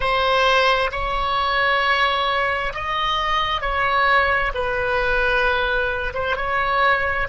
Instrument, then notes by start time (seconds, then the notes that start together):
oboe
0.00 C5
0.91 C#5
2.74 D#5
3.61 C#5
4.54 B4
6.14 C5
6.36 C#5